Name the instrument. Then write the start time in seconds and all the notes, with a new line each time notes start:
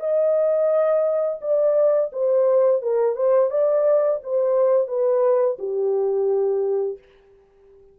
horn
0.00 D#5
1.41 D5
2.12 C5
2.82 A#4
3.16 C5
3.50 D5
4.23 C5
4.88 B4
5.59 G4